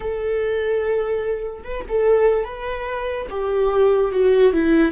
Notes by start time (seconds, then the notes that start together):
0.00 A4
1.64 B4
1.89 A4
2.44 B4
3.30 G4
4.11 F#4
4.52 E4